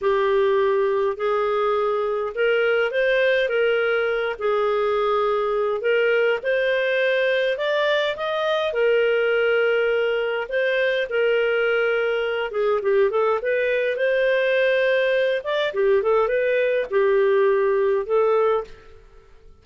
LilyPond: \new Staff \with { instrumentName = "clarinet" } { \time 4/4 \tempo 4 = 103 g'2 gis'2 | ais'4 c''4 ais'4. gis'8~ | gis'2 ais'4 c''4~ | c''4 d''4 dis''4 ais'4~ |
ais'2 c''4 ais'4~ | ais'4. gis'8 g'8 a'8 b'4 | c''2~ c''8 d''8 g'8 a'8 | b'4 g'2 a'4 | }